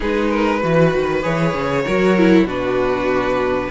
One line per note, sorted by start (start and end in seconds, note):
0.00 0.63 G#3
0.00 0.61 D#4
0.00 0.28 G#4
0.00 1.23 B4
0.30 0.59 A#4
0.59 0.94 E3
0.59 1.22 F#4
0.59 1.83 B4
0.94 1.25 D#3
1.22 1.53 E3
1.22 1.84 G#4
1.22 2.47 C#5
1.53 1.84 C#3
1.84 2.43 F#3
1.84 2.17 F#4
1.84 2.45 A#4
2.17 2.47 E4
2.43 3.67 B2
2.43 3.70 D4
2.43 3.69 F#4
2.43 3.70 B4